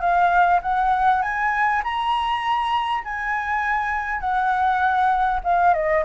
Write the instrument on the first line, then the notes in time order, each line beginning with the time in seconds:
flute
0.00 F5
0.62 F#5
1.22 G#5
1.83 A#5
3.04 G#5
4.20 F#5
5.43 F5
5.73 D#5